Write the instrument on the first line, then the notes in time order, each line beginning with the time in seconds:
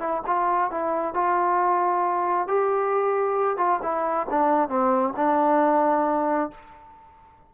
trombone
0.00 E4
0.27 F4
0.71 E4
1.14 F4
2.48 G4
3.58 F4
3.83 E4
4.30 D4
4.69 C4
5.17 D4